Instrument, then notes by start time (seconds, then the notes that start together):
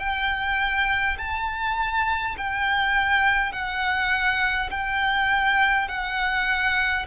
violin
0.00 G5
1.19 A5
2.38 G5
3.53 F#5
4.71 G5
5.89 F#5